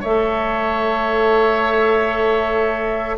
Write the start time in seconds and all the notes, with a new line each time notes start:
0.00 A3 A4 C#5 E5